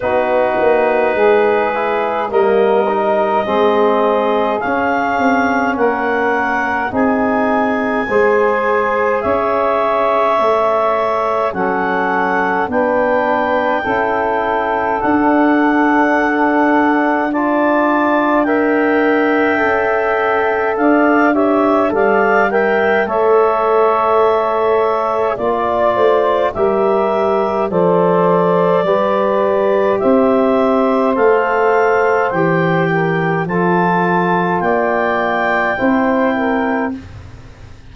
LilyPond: <<
  \new Staff \with { instrumentName = "clarinet" } { \time 4/4 \tempo 4 = 52 b'2 dis''2 | f''4 fis''4 gis''2 | e''2 fis''4 g''4~ | g''4 fis''2 a''4 |
g''2 f''8 e''8 f''8 g''8 | e''2 d''4 e''4 | d''2 e''4 f''4 | g''4 a''4 g''2 | }
  \new Staff \with { instrumentName = "saxophone" } { \time 4/4 fis'4 gis'4 ais'4 gis'4~ | gis'4 ais'4 gis'4 c''4 | cis''2 a'4 b'4 | a'2. d''4 |
e''2 d''8 cis''8 d''8 e''8 | cis''2 d''8 c''8 ais'4 | c''4 b'4 c''2~ | c''8 ais'8 a'4 d''4 c''8 ais'8 | }
  \new Staff \with { instrumentName = "trombone" } { \time 4/4 dis'4. e'8 ais8 dis'8 c'4 | cis'2 dis'4 gis'4~ | gis'4 a'4 cis'4 d'4 | e'4 d'2 f'4 |
ais'4 a'4. g'8 a'8 ais'8 | a'2 f'4 g'4 | a'4 g'2 a'4 | g'4 f'2 e'4 | }
  \new Staff \with { instrumentName = "tuba" } { \time 4/4 b8 ais8 gis4 g4 gis4 | cis'8 c'8 ais4 c'4 gis4 | cis'4 a4 fis4 b4 | cis'4 d'2.~ |
d'4 cis'4 d'4 g4 | a2 ais8 a8 g4 | f4 g4 c'4 a4 | e4 f4 ais4 c'4 | }
>>